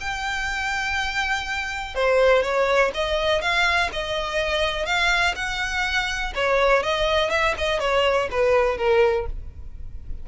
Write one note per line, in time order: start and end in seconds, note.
0.00 1.95 G5
1.95 2.43 C5
2.43 2.91 C#5
2.94 3.41 D#5
3.41 3.90 F5
3.92 4.86 D#5
4.86 5.35 F5
5.35 6.33 F#5
6.35 6.83 C#5
6.83 7.30 D#5
7.30 7.55 E5
7.58 7.80 D#5
7.80 8.28 C#5
8.31 8.78 B4
8.78 9.26 A#4